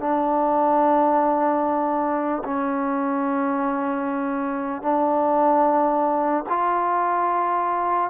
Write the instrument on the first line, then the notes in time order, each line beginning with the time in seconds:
trombone
0.00 D4
2.45 C#4
4.82 D4
6.49 F4